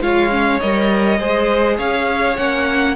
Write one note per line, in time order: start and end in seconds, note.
0.00 0.59 G#3
0.00 0.30 F4
0.00 1.19 C#5
0.00 0.60 F5
0.30 0.59 C#4
0.60 1.19 G3
0.60 1.19 A#4
0.60 1.77 D#5
1.19 1.78 G#3
1.19 2.37 G#4
1.19 1.77 C5
1.77 2.36 C#4
1.77 2.94 C#5
1.77 2.36 F5
2.36 2.95 A#3
2.36 2.95 C#4
2.36 2.95 F#5